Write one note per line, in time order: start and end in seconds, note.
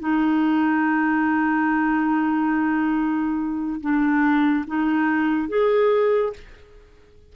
0.00 3.80 D#4
3.81 4.65 D4
4.67 5.49 D#4
5.49 6.33 G#4